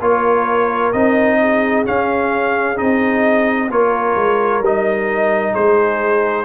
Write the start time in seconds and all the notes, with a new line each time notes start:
0.00 A#3 F4 A#4 C#5
0.92 C4 D#4 D#5
1.41 G#4
1.85 C#4 F5
2.75 C4 D#4 D#5
3.69 A#3 F4 A#4 C#5
4.15 G#3
4.60 G3 D#4 D#5
5.52 G#3 G#4 C5